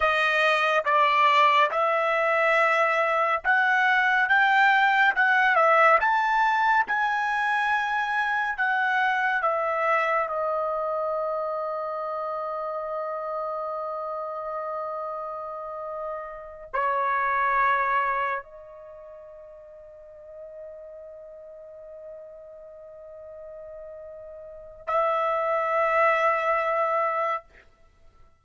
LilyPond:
\new Staff \with { instrumentName = "trumpet" } { \time 4/4 \tempo 4 = 70 dis''4 d''4 e''2 | fis''4 g''4 fis''8 e''8 a''4 | gis''2 fis''4 e''4 | dis''1~ |
dis''2.~ dis''8 cis''8~ | cis''4. dis''2~ dis''8~ | dis''1~ | dis''4 e''2. | }